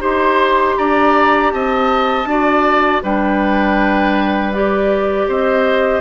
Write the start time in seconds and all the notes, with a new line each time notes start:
0.00 D#4 G4 C5 C6
0.78 D4 D5 A#5
1.51 C4 D#5 A5
2.25 D4 F#4 D5
3.03 G3 D4 B4 G5
4.53 G4 D5
5.28 C4 C5 D#5